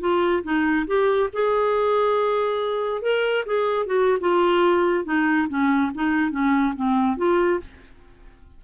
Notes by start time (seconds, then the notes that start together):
0.00 F4
0.43 D#4
0.87 G4
1.33 G#4
3.02 A#4
3.46 G#4
3.86 F#4
4.20 F4
5.05 D#4
5.48 C#4
5.94 D#4
6.31 C#4
6.76 C4
7.17 F4